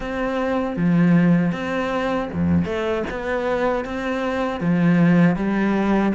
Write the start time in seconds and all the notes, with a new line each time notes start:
0.00 C4
0.76 F3
1.52 C4
2.32 F2
2.65 A3
3.10 B3
3.85 C4
4.60 F3
5.35 G3